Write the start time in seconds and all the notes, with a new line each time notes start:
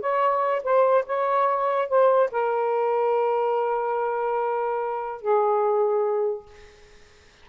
0.00 C#5
0.63 C5
1.06 C#5
1.88 C5
2.31 A#4
5.21 G#4